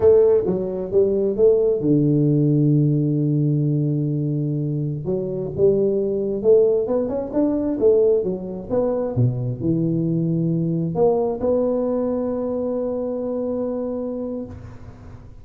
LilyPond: \new Staff \with { instrumentName = "tuba" } { \time 4/4 \tempo 4 = 133 a4 fis4 g4 a4 | d1~ | d2.~ d16 fis8.~ | fis16 g2 a4 b8 cis'16~ |
cis'16 d'4 a4 fis4 b8.~ | b16 b,4 e2~ e8.~ | e16 ais4 b2~ b8.~ | b1 | }